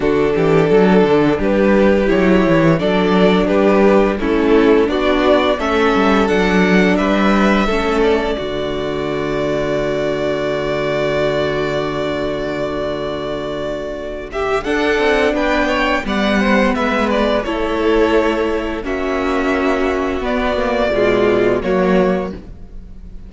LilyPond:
<<
  \new Staff \with { instrumentName = "violin" } { \time 4/4 \tempo 4 = 86 a'2 b'4 cis''4 | d''4 b'4 a'4 d''4 | e''4 fis''4 e''4. d''8~ | d''1~ |
d''1~ | d''8 e''8 fis''4 g''4 fis''4 | e''8 d''8 cis''2 e''4~ | e''4 d''2 cis''4 | }
  \new Staff \with { instrumentName = "violin" } { \time 4/4 fis'8 g'8 a'4 g'2 | a'4 g'4 e'4 fis'4 | a'2 b'4 a'4 | fis'1~ |
fis'1~ | fis'8 g'8 a'4 b'8 cis''8 d''8 c''8 | b'4 a'2 fis'4~ | fis'2 f'4 fis'4 | }
  \new Staff \with { instrumentName = "viola" } { \time 4/4 d'2. e'4 | d'2 cis'4 d'4 | cis'4 d'2 cis'4 | a1~ |
a1~ | a4 d'2 b4~ | b4 e'2 cis'4~ | cis'4 b8 ais8 gis4 ais4 | }
  \new Staff \with { instrumentName = "cello" } { \time 4/4 d8 e8 fis8 d8 g4 fis8 e8 | fis4 g4 a4 b4 | a8 g8 fis4 g4 a4 | d1~ |
d1~ | d4 d'8 c'8 b4 g4 | gis4 a2 ais4~ | ais4 b4 b,4 fis4 | }
>>